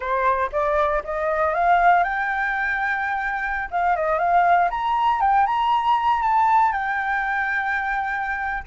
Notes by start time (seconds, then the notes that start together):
0.00 C5
0.52 D5
1.04 D#5
1.54 F5
2.03 G5
3.70 F5
3.95 D#5
4.18 F5
4.70 A#5
5.20 G5
5.46 A#5
6.22 A5
6.72 G5